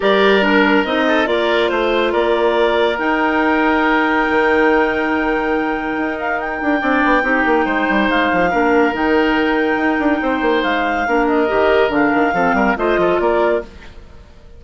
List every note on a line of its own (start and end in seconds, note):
0.00 0.84 G3
0.00 0.41 G4
0.00 1.04 A#4
0.00 0.44 D5
0.41 0.84 D4
0.41 0.84 A#4
0.84 1.27 C4
0.84 1.25 D#4
0.84 1.26 D#5
1.07 1.28 A4
1.25 1.69 A#3
1.25 2.95 F4
1.25 1.71 A#4
1.25 1.69 D5
1.69 2.13 A3
1.69 2.11 C5
1.69 2.12 C5
2.12 2.99 A#3
2.12 6.80 A#4
2.12 2.97 D5
2.98 6.79 D#4
2.98 4.27 D#4
2.98 6.18 G5
4.30 5.97 D#3
5.97 6.61 D#4
6.19 6.39 F5
6.39 8.09 G5
6.61 6.82 D4
6.79 7.03 C4
6.79 7.21 D4
6.79 7.23 D5
7.04 7.22 B3
7.22 7.44 C4
7.22 8.49 D#4
7.22 7.65 G4
7.45 7.65 A#3
7.65 7.87 G#3
7.65 8.50 C5
7.89 8.09 G3
8.09 8.30 G#3
8.09 8.94 F5
8.32 8.53 F3
8.50 8.93 A#3
8.50 8.92 D4
8.50 10.20 A#4
8.92 9.76 D#3
8.92 11.05 D#4
8.92 10.62 G5
9.76 9.97 D#4
9.98 10.20 D4
10.22 10.41 C4
10.22 11.07 C5
10.41 10.62 A#3
10.62 11.06 G#3
10.62 11.26 F5
11.07 11.49 A#3
11.07 11.47 D4
11.07 12.34 A#4
11.27 11.91 D#5
11.47 11.88 D#3
11.47 11.89 G4
11.88 12.10 D3
11.88 12.32 D4
11.88 12.77 F5
12.13 12.33 D#3
12.33 12.53 F3
12.33 12.76 C4
12.33 12.55 A4
12.53 12.75 G3
12.53 12.77 A#4
12.76 12.97 A3
12.76 13.62 F4
12.76 13.00 C5
12.76 13.19 D#5
12.97 13.18 F3
12.97 13.21 A4
13.19 13.62 A#3
13.19 13.63 A#4
13.19 13.61 D5